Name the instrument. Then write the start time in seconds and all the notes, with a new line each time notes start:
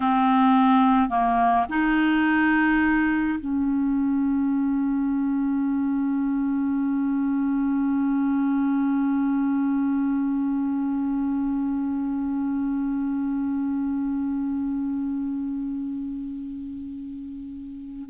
clarinet
0.00 C4
1.09 A#3
1.69 D#4
3.39 C#4